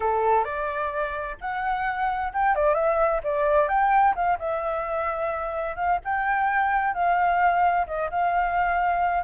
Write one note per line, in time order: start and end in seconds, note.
0.00 0.44 A4
0.44 1.36 D5
1.40 2.33 F#5
2.33 2.55 G5
2.55 2.74 D5
2.74 3.20 E5
3.23 3.68 D5
3.68 4.14 G5
4.15 4.38 F5
4.38 5.76 E5
5.76 5.99 F5
6.04 6.94 G5
6.94 7.86 F5
7.87 8.10 D#5
8.10 9.23 F5